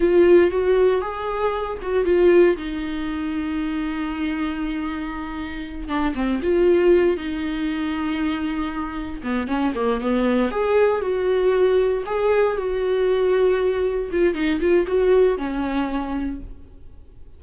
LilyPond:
\new Staff \with { instrumentName = "viola" } { \time 4/4 \tempo 4 = 117 f'4 fis'4 gis'4. fis'8 | f'4 dis'2.~ | dis'2.~ dis'8 d'8 | c'8 f'4. dis'2~ |
dis'2 b8 cis'8 ais8 b8~ | b8 gis'4 fis'2 gis'8~ | gis'8 fis'2. f'8 | dis'8 f'8 fis'4 cis'2 | }